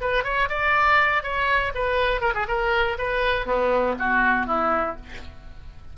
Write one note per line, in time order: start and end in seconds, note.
0.00 0.24 B4
0.24 0.48 C#5
0.48 1.23 D5
1.23 1.72 C#5
1.74 2.21 B4
2.21 2.33 A#4
2.34 2.47 G#4
2.47 2.97 A#4
2.98 3.46 B4
3.46 3.95 B3
3.99 4.46 F#4
4.46 4.96 E4